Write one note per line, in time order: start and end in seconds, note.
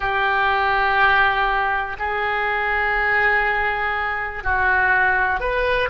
0.00 1.97 G4
1.99 4.43 G#4
4.43 5.40 F#4
5.40 5.89 B4